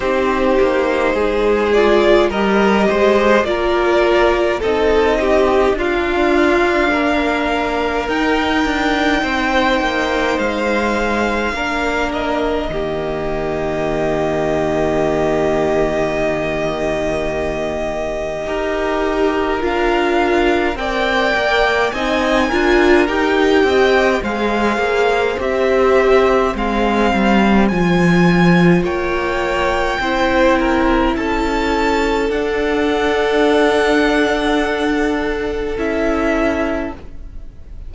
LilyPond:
<<
  \new Staff \with { instrumentName = "violin" } { \time 4/4 \tempo 4 = 52 c''4. d''8 dis''4 d''4 | dis''4 f''2 g''4~ | g''4 f''4. dis''4.~ | dis''1~ |
dis''4 f''4 g''4 gis''4 | g''4 f''4 e''4 f''4 | gis''4 g''2 a''4 | fis''2. e''4 | }
  \new Staff \with { instrumentName = "violin" } { \time 4/4 g'4 gis'4 ais'8 c''8 ais'4 | a'8 g'8 f'4 ais'2 | c''2 ais'4 g'4~ | g'1 |
ais'2 d''4 dis''8 ais'8~ | ais'8 dis''8 c''2.~ | c''4 cis''4 c''8 ais'8 a'4~ | a'1 | }
  \new Staff \with { instrumentName = "viola" } { \time 4/4 dis'4. f'8 g'4 f'4 | dis'4 d'2 dis'4~ | dis'2 d'4 ais4~ | ais1 |
g'4 f'4 ais'4 dis'8 f'8 | g'4 gis'4 g'4 c'4 | f'2 e'2 | d'2. e'4 | }
  \new Staff \with { instrumentName = "cello" } { \time 4/4 c'8 ais8 gis4 g8 gis8 ais4 | c'4 d'4 ais4 dis'8 d'8 | c'8 ais8 gis4 ais4 dis4~ | dis1 |
dis'4 d'4 c'8 ais8 c'8 d'8 | dis'8 c'8 gis8 ais8 c'4 gis8 g8 | f4 ais4 c'4 cis'4 | d'2. cis'4 | }
>>